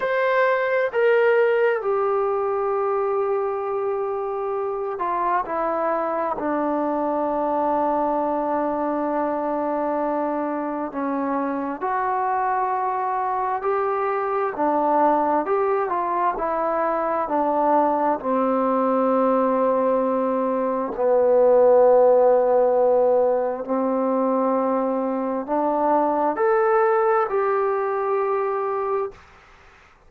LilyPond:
\new Staff \with { instrumentName = "trombone" } { \time 4/4 \tempo 4 = 66 c''4 ais'4 g'2~ | g'4. f'8 e'4 d'4~ | d'1 | cis'4 fis'2 g'4 |
d'4 g'8 f'8 e'4 d'4 | c'2. b4~ | b2 c'2 | d'4 a'4 g'2 | }